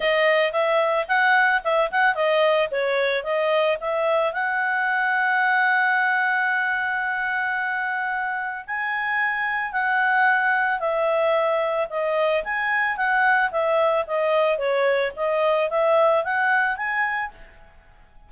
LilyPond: \new Staff \with { instrumentName = "clarinet" } { \time 4/4 \tempo 4 = 111 dis''4 e''4 fis''4 e''8 fis''8 | dis''4 cis''4 dis''4 e''4 | fis''1~ | fis''1 |
gis''2 fis''2 | e''2 dis''4 gis''4 | fis''4 e''4 dis''4 cis''4 | dis''4 e''4 fis''4 gis''4 | }